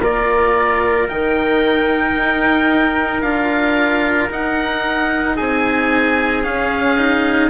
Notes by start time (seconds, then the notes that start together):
0.00 A#3 F4 A#4 D5
1.08 D#3 D#4 G5
2.17 D#4
3.21 D4 F4 F5
4.30 D#4 F#5
5.36 C4 G#4 G#5
6.43 C#4 F5
6.97 D#4